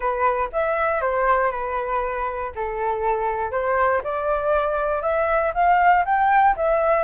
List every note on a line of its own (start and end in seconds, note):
0.00 0.49 B4
0.52 1.01 E5
1.01 1.51 C5
1.51 2.52 B4
2.55 3.51 A4
3.51 4.01 C5
4.03 5.02 D5
5.02 5.52 E5
5.54 6.04 F5
6.05 6.55 G5
6.56 7.03 E5